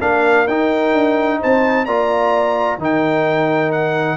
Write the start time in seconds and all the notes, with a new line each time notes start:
0.00 A#3 D4 A#4 F5
0.47 D#4 G5
0.93 D4
1.40 C4 C5 A5
1.85 A#3 F4 D5 A#5
2.78 D#3 D#4 A#4 G5
3.72 F#5